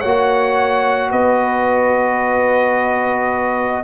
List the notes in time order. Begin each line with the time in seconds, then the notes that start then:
0.00 A#3 F#4 C#5 F#5
1.12 B3 B4 D#5